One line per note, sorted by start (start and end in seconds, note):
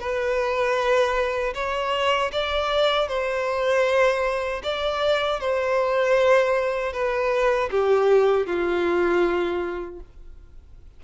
0.00 1.54 B4
1.54 2.31 C#5
2.32 3.08 D5
3.08 4.62 C5
4.63 5.40 D5
5.40 6.93 C5
6.93 7.70 B4
7.71 8.46 G4
8.46 10.00 F4